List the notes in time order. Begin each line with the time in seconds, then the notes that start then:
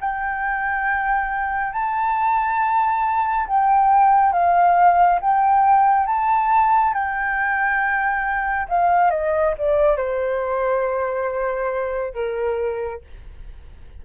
0.00 G5
1.72 A5
3.47 G5
4.32 F5
5.21 G5
6.06 A5
6.93 G5
8.68 F5
9.10 D#5
9.58 D5
9.96 C5
12.14 A#4